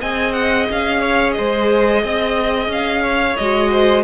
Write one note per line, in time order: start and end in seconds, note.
0.00 0.69 C4
0.00 3.38 G#4
0.00 1.01 D#5
0.00 0.33 G#5
0.33 0.67 F#5
0.71 1.38 C#4
0.71 1.32 F5
1.01 1.35 C#5
1.32 2.03 C5
1.32 2.67 D#5
1.39 2.04 G#3
2.03 2.68 C4
2.03 3.03 D#5
2.68 3.36 C#4
2.68 3.37 F5
3.03 3.71 C#5
3.37 4.04 G#3
3.37 4.04 F#4
3.37 4.04 D#5
3.71 4.04 C5